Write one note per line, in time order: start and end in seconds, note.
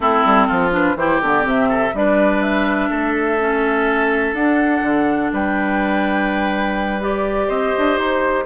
0.00 0.23 A3
0.00 0.71 C4
0.00 0.47 E4
0.00 0.73 A4
0.24 0.48 G3
0.47 0.95 F3
0.47 0.95 F4
0.71 0.95 D4
0.71 0.96 B4
0.95 1.19 E3
0.95 1.22 E4
0.95 1.68 G4
0.95 1.20 C5
1.21 1.44 D3
1.21 1.41 B3
1.21 1.46 D5
1.41 1.93 C3
1.41 1.90 C4
1.41 1.95 E5
1.68 1.92 A4
1.93 2.90 G3
1.93 3.39 D4
1.93 2.89 B4
1.93 2.42 D5
2.42 4.34 E5
2.89 4.33 A3
2.89 5.31 A4
3.39 4.36 C#4
4.33 4.81 D4
4.33 7.00 D4
4.33 5.31 F#5
4.82 5.30 D3
5.32 7.48 G3
5.32 7.47 B4
5.32 7.02 G5
7.00 8.45 G4
7.00 7.49 D5
7.47 7.73 C4
7.47 8.44 C5
7.47 7.97 D#5
7.77 7.97 D4
7.97 8.45 D#4
7.97 8.45 C5